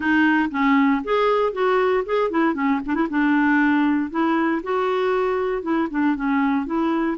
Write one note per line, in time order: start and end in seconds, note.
0.00 0.49 D#4
0.50 1.01 C#4
1.03 1.52 G#4
1.52 2.04 F#4
2.05 2.30 G#4
2.30 2.54 E4
2.54 2.79 C#4
2.86 2.95 D4
2.95 3.07 E4
3.10 4.10 D4
4.10 4.61 E4
4.63 5.62 F#4
5.62 5.87 E4
5.90 6.15 D4
6.15 6.65 C#4
6.65 7.17 E4